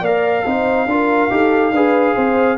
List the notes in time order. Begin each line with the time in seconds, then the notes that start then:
0.00 A#3 A#4 D5 F5
0.45 C4 D#4 C5
0.86 D4 F4 A#4
1.29 D#4 G4 A4
1.71 D4 G#4 B4
2.15 C4 C5